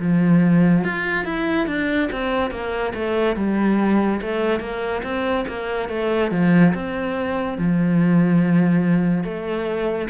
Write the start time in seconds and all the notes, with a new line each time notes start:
0.00 F3
0.85 F4
1.25 E4
1.67 D4
2.12 C4
2.51 A#3
2.95 A3
3.36 G3
4.22 A3
4.61 A#3
5.04 C4
5.48 A#3
5.90 A3
6.32 F3
6.75 C4
7.59 F3
9.24 A3